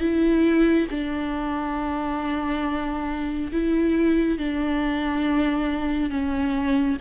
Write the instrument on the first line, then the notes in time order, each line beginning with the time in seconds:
viola
0.00 E4
0.91 D4
3.52 E4
4.38 D4
6.10 C#4